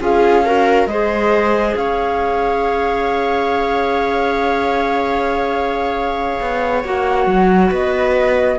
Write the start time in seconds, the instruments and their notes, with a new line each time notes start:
0.00 cello C#4, clarinet F4, viola G#4, flute F5
0.45 clarinet F#4, viola A#4
0.87 cello G#3, clarinet G#4, viola C5, flute D#5
1.76 cello C#4, viola C#5, flute F5
6.41 cello B3
6.85 cello A#3, clarinet F#4, flute F#5
7.27 cello F#3
7.69 cello B3, viola B4, flute D#5